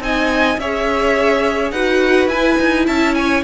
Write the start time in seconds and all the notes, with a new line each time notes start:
0.00 C4 D#4 D#5 G#5
0.58 C#4 G#4 C#5 E5
1.71 D#4 F#4 B4 F#5
2.28 E4 G#5
2.59 D#4
2.86 C#4 E5 A5
3.15 C#5 G#5